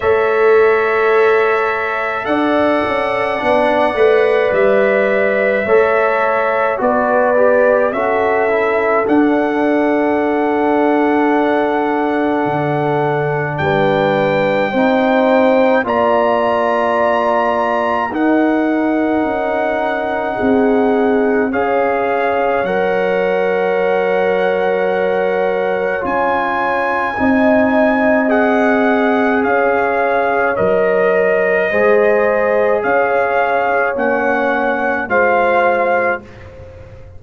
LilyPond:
<<
  \new Staff \with { instrumentName = "trumpet" } { \time 4/4 \tempo 4 = 53 e''2 fis''2 | e''2 d''4 e''4 | fis''1 | g''2 ais''2 |
fis''2. f''4 | fis''2. gis''4~ | gis''4 fis''4 f''4 dis''4~ | dis''4 f''4 fis''4 f''4 | }
  \new Staff \with { instrumentName = "horn" } { \time 4/4 cis''2 d''2~ | d''4 cis''4 b'4 a'4~ | a'1 | b'4 c''4 d''2 |
ais'2 gis'4 cis''4~ | cis''1 | dis''2 cis''2 | c''4 cis''2 c''4 | }
  \new Staff \with { instrumentName = "trombone" } { \time 4/4 a'2. d'8 b'8~ | b'4 a'4 fis'8 g'8 fis'8 e'8 | d'1~ | d'4 dis'4 f'2 |
dis'2. gis'4 | ais'2. f'4 | dis'4 gis'2 ais'4 | gis'2 cis'4 f'4 | }
  \new Staff \with { instrumentName = "tuba" } { \time 4/4 a2 d'8 cis'8 b8 a8 | g4 a4 b4 cis'4 | d'2. d4 | g4 c'4 ais2 |
dis'4 cis'4 c'4 cis'4 | fis2. cis'4 | c'2 cis'4 fis4 | gis4 cis'4 ais4 gis4 | }
>>